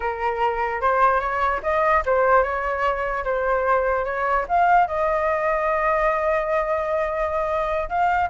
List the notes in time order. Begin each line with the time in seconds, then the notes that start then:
0.00 A#4
0.81 C5
1.20 C#5
1.62 D#5
2.05 C5
2.43 C#5
3.24 C5
4.04 C#5
4.48 F5
4.87 D#5
7.89 F5